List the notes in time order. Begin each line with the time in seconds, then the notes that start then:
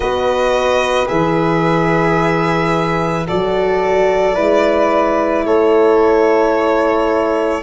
0.00 B3 F#4 B4 D#5
1.07 E3 G#4 E5
3.26 F#3 F#4 A4 D5
4.34 G#3 E4 B4
5.45 A3 A4 C#5